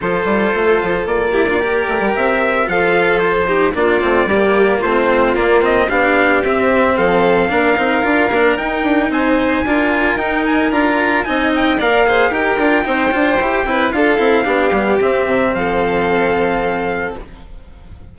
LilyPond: <<
  \new Staff \with { instrumentName = "trumpet" } { \time 4/4 \tempo 4 = 112 c''2 d''2 | e''4 f''4 c''4 d''4~ | d''4 c''4 d''8 dis''8 f''4 | e''4 f''2. |
g''4 gis''2 g''8 gis''8 | ais''4 gis''8 g''8 f''4 g''4~ | g''2 f''2 | e''4 f''2. | }
  \new Staff \with { instrumentName = "violin" } { \time 4/4 a'2~ a'8 g'16 f'16 ais'4~ | ais'4 a'4. g'8 f'4 | g'4 f'2 g'4~ | g'4 a'4 ais'2~ |
ais'4 c''4 ais'2~ | ais'4 dis''4 d''8 c''8 ais'4 | c''4. b'8 a'4 g'4~ | g'4 a'2. | }
  \new Staff \with { instrumentName = "cello" } { \time 4/4 f'2~ f'8 e'16 d'16 g'4~ | g'4 f'4. dis'8 d'8 c'8 | ais4 c'4 ais8 c'8 d'4 | c'2 d'8 dis'8 f'8 d'8 |
dis'2 f'4 dis'4 | f'4 dis'4 ais'8 gis'8 g'8 f'8 | dis'8 f'8 g'8 e'8 f'8 e'8 d'8 b8 | c'1 | }
  \new Staff \with { instrumentName = "bassoon" } { \time 4/4 f8 g8 a8 f8 ais4. a16 g16 | c'4 f2 ais8 a8 | g4 a4 ais4 b4 | c'4 f4 ais8 c'8 d'8 ais8 |
dis'8 d'8 c'4 d'4 dis'4 | d'4 c'4 ais4 dis'8 d'8 | c'8 d'8 e'8 c'8 d'8 c'8 b8 g8 | c'8 c8 f2. | }
>>